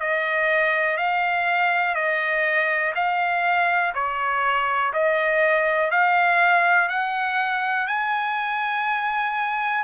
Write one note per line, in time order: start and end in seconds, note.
0.00 0.97 D#5
0.97 1.95 F5
1.95 2.93 D#5
2.95 3.93 F5
3.94 4.93 C#5
4.93 5.91 D#5
5.91 6.89 F5
6.89 7.87 F#5
7.87 9.84 G#5